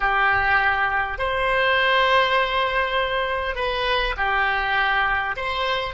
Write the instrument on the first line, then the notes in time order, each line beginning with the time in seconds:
oboe
0.00 G4
1.18 C5
3.55 B4
4.17 G4
5.36 C5